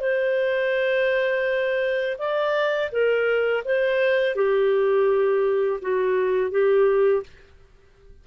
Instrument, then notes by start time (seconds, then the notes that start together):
clarinet
0.00 C5
2.18 D5
2.91 A#4
3.64 C5
4.35 G4
5.81 F#4
6.51 G4